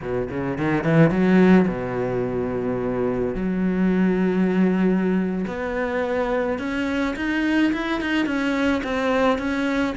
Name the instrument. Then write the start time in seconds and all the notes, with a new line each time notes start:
cello
0.01 B2
0.30 C#3
0.58 D#3
0.84 E3
1.10 F#3
1.67 B2
3.34 F#3
5.47 B3
6.59 C#4
7.16 D#4
7.73 E4
8.00 D#4
8.26 C#4
8.83 C4
9.38 C#4